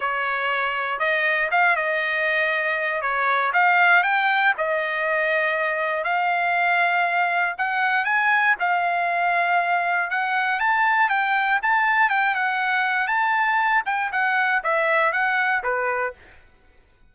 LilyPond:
\new Staff \with { instrumentName = "trumpet" } { \time 4/4 \tempo 4 = 119 cis''2 dis''4 f''8 dis''8~ | dis''2 cis''4 f''4 | g''4 dis''2. | f''2. fis''4 |
gis''4 f''2. | fis''4 a''4 g''4 a''4 | g''8 fis''4. a''4. g''8 | fis''4 e''4 fis''4 b'4 | }